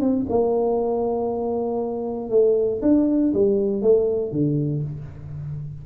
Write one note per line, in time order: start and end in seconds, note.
0.00 0.25 C4
0.29 2.30 A#3
2.30 2.81 A3
2.82 3.33 D4
3.34 3.82 G3
3.82 4.32 A3
4.32 4.83 D3